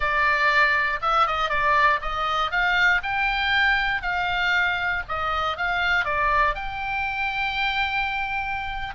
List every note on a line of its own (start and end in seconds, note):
0.00 0.99 D5
1.01 1.26 E5
1.27 1.49 D#5
1.49 2.00 D5
2.01 2.51 D#5
2.51 3.01 F5
3.02 4.02 G5
4.02 5.03 F5
5.08 5.57 D#5
5.57 6.04 F5
6.04 6.54 D5
6.54 8.94 G5